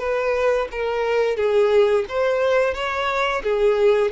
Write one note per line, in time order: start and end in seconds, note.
0.00 0.68 B4
0.72 1.37 A#4
1.37 2.05 G#4
2.09 2.75 C5
2.75 3.43 C#5
3.44 4.12 G#4